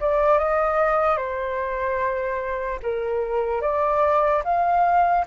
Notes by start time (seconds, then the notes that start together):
0.00 D5
0.38 D#5
1.17 C5
2.82 A#4
3.61 D5
4.44 F5